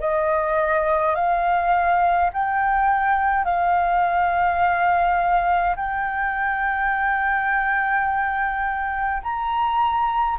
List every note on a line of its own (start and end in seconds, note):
0.00 1.15 D#5
1.15 2.30 F5
2.33 3.45 G5
3.45 5.75 F5
5.76 9.23 G5
9.23 10.38 A#5